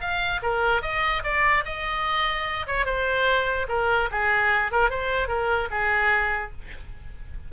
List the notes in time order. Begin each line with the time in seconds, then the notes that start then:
0.00 F5
0.42 A#4
0.82 D#5
1.23 D5
1.65 D#5
2.67 C#5
2.85 C5
3.68 A#4
4.11 G#4
4.71 A#4
4.90 C5
5.28 A#4
5.70 G#4